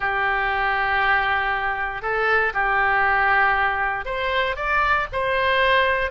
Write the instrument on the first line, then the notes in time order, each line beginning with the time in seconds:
oboe
0.00 G4
2.02 A4
2.53 G4
4.05 C5
4.56 D5
5.12 C5